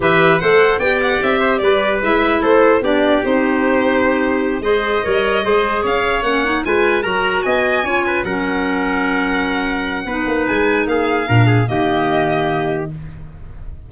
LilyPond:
<<
  \new Staff \with { instrumentName = "violin" } { \time 4/4 \tempo 4 = 149 e''4 fis''4 g''8 fis''8 e''4 | d''4 e''4 c''4 d''4 | c''2.~ c''8 dis''8~ | dis''2~ dis''8 f''4 fis''8~ |
fis''8 gis''4 ais''4 gis''4.~ | gis''8 fis''2.~ fis''8~ | fis''2 gis''4 f''4~ | f''4 dis''2. | }
  \new Staff \with { instrumentName = "trumpet" } { \time 4/4 b'4 c''4 d''4. c''8 | b'2 a'4 g'4~ | g'2.~ g'8 c''8~ | c''8 cis''4 c''4 cis''4.~ |
cis''8 b'4 ais'4 dis''4 cis''8 | b'8 ais'2.~ ais'8~ | ais'4 b'2 gis'4 | ais'8 gis'8 g'2. | }
  \new Staff \with { instrumentName = "clarinet" } { \time 4/4 g'4 a'4 g'2~ | g'4 e'2 d'4 | dis'2.~ dis'8 gis'8~ | gis'8 ais'4 gis'2 cis'8 |
dis'8 f'4 fis'2 f'8~ | f'8 cis'2.~ cis'8~ | cis'4 dis'2. | d'4 ais2. | }
  \new Staff \with { instrumentName = "tuba" } { \time 4/4 e4 a4 b4 c'4 | g4 gis4 a4 b4 | c'2.~ c'8 gis8~ | gis8 g4 gis4 cis'4 ais8~ |
ais8 gis4 fis4 b4 cis'8~ | cis'8 fis2.~ fis8~ | fis4 b8 ais8 gis4 ais4 | ais,4 dis2. | }
>>